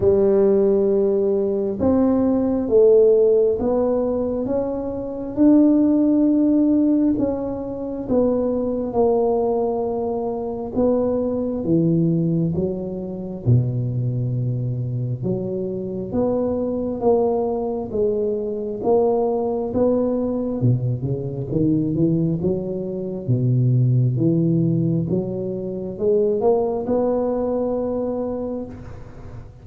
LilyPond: \new Staff \with { instrumentName = "tuba" } { \time 4/4 \tempo 4 = 67 g2 c'4 a4 | b4 cis'4 d'2 | cis'4 b4 ais2 | b4 e4 fis4 b,4~ |
b,4 fis4 b4 ais4 | gis4 ais4 b4 b,8 cis8 | dis8 e8 fis4 b,4 e4 | fis4 gis8 ais8 b2 | }